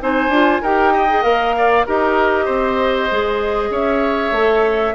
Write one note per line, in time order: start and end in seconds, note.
0.00 0.28 C4
0.00 0.31 D#4
0.00 0.62 C5
0.00 0.64 G#5
0.28 0.59 D4
0.28 0.63 F4
0.62 1.24 D#4
0.62 1.09 G4
0.62 0.93 A#4
0.62 1.23 G5
0.93 1.55 D#5
1.09 1.22 G#4
1.22 1.85 A#3
1.22 1.84 A#4
1.22 1.85 F5
1.57 1.86 D5
1.86 2.48 D#4
1.86 3.10 G4
1.86 2.45 A#4
1.86 3.73 D#5
2.45 3.09 C4
2.45 3.69 C5
3.10 3.70 G#3
3.10 4.34 G#4
3.70 4.31 C#4
3.70 4.95 C#5
3.70 4.95 E5
4.31 4.93 A3
4.31 4.95 A4